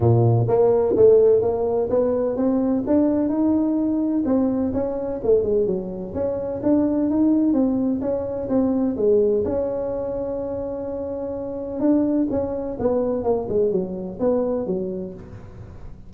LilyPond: \new Staff \with { instrumentName = "tuba" } { \time 4/4 \tempo 4 = 127 ais,4 ais4 a4 ais4 | b4 c'4 d'4 dis'4~ | dis'4 c'4 cis'4 a8 gis8 | fis4 cis'4 d'4 dis'4 |
c'4 cis'4 c'4 gis4 | cis'1~ | cis'4 d'4 cis'4 b4 | ais8 gis8 fis4 b4 fis4 | }